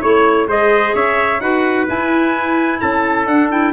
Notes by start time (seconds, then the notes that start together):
0.00 A3 E4 C#5
0.48 G#3 G#4 C5 D#5
0.95 C#4 C#5 E5
1.40 D#4 F#4 B4 F#5
1.89 E4 G#5
2.80 C#4 A4 A5
3.27 D4 F#5
3.51 E4 G5